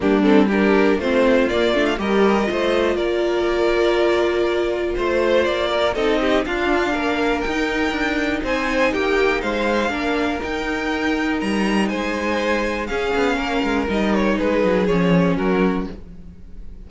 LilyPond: <<
  \new Staff \with { instrumentName = "violin" } { \time 4/4 \tempo 4 = 121 g'8 a'8 ais'4 c''4 d''8. f''16 | dis''2 d''2~ | d''2 c''4 d''4 | dis''4 f''2 g''4~ |
g''4 gis''4 g''4 f''4~ | f''4 g''2 ais''4 | gis''2 f''2 | dis''8 cis''8 b'4 cis''4 ais'4 | }
  \new Staff \with { instrumentName = "violin" } { \time 4/4 d'4 g'4 f'2 | ais'4 c''4 ais'2~ | ais'2 c''4. ais'8 | a'8 g'8 f'4 ais'2~ |
ais'4 c''4 g'4 c''4 | ais'1 | c''2 gis'4 ais'4~ | ais'4 gis'2 fis'4 | }
  \new Staff \with { instrumentName = "viola" } { \time 4/4 ais8 c'8 d'4 c'4 ais8 d'8 | g'4 f'2.~ | f'1 | dis'4 d'2 dis'4~ |
dis'1 | d'4 dis'2.~ | dis'2 cis'2 | dis'2 cis'2 | }
  \new Staff \with { instrumentName = "cello" } { \time 4/4 g2 a4 ais8 a8 | g4 a4 ais2~ | ais2 a4 ais4 | c'4 d'4 ais4 dis'4 |
d'4 c'4 ais4 gis4 | ais4 dis'2 g4 | gis2 cis'8 b8 ais8 gis8 | g4 gis8 fis8 f4 fis4 | }
>>